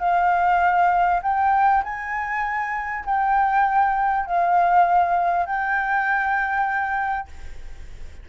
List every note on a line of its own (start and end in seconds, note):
0.00 1.21 F5
1.23 1.83 G5
1.84 3.05 G#5
3.06 4.26 G5
4.26 5.46 F5
5.46 7.28 G5